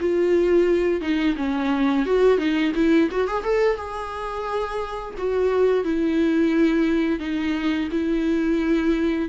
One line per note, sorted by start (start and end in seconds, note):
0.00 1.00 F4
1.00 1.35 D#4
1.36 2.05 C#4
2.06 2.38 F#4
2.38 2.72 D#4
2.75 3.09 E4
3.11 3.27 F#4
3.27 3.43 G#4
3.43 3.76 A4
3.76 5.14 G#4
5.17 5.84 F#4
5.84 7.19 E4
7.19 7.88 D#4
7.91 9.29 E4